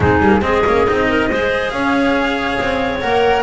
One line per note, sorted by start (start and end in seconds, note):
0.00 0.19 G#3
0.00 0.22 C4
0.00 0.41 D#4
0.00 0.42 G#4
0.19 0.41 G3
0.19 0.41 A#3
0.41 0.63 G#3
0.41 0.63 C4
0.41 1.08 G#4
0.41 1.69 D#5
0.66 0.87 A#3
0.66 0.87 C#4
0.87 1.31 C4
0.87 1.30 D#4
1.08 1.30 A#4
1.30 1.72 G#3
1.30 3.01 G#4
1.30 1.73 C5
1.69 2.58 C#4
1.69 3.43 C#5
1.69 2.99 F5
2.60 3.03 C4
3.00 3.43 A#3
3.00 3.43 A#4
3.00 3.43 F#5